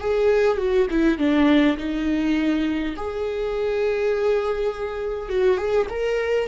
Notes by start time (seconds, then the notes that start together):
0.00 G#4
0.57 F#4
0.90 E4
1.18 D4
1.77 D#4
2.97 G#4
5.29 F#4
5.57 G#4
5.89 A#4